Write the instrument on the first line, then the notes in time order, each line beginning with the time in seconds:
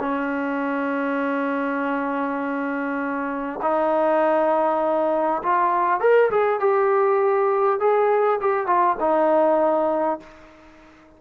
trombone
0.00 C#4
3.62 D#4
5.43 F4
6.01 A#4
6.31 G#4
6.60 G4
7.80 G#4
8.41 G4
8.67 F4
9.00 D#4